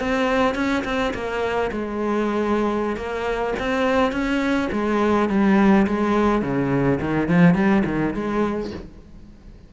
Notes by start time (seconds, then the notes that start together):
0.00 C4
0.55 C#4
0.85 C4
1.14 A#3
1.72 G#3
2.97 A#3
3.59 C4
4.12 C#4
4.72 G#3
5.29 G3
5.87 G#3
6.42 C#3
7.01 D#3
7.29 F3
7.55 G3
7.85 D#3
8.14 G#3